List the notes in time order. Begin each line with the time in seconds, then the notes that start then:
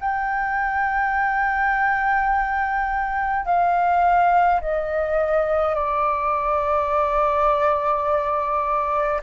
0.00 G5
3.45 F5
4.61 D#5
5.75 D5